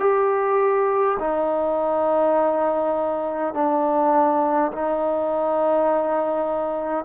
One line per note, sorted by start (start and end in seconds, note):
0.00 1.18 G4
1.20 3.54 D#4
3.54 4.72 D4
4.72 7.05 D#4